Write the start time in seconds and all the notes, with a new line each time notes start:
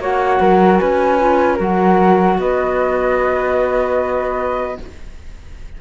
0.00 A#3 F#4 C#5 F#5
0.41 F#3 A#4
0.77 C#4 B4 G#5
1.20 F4
1.56 F#3 F#4 A#4
1.62 F#5
2.38 B3 B4 D#5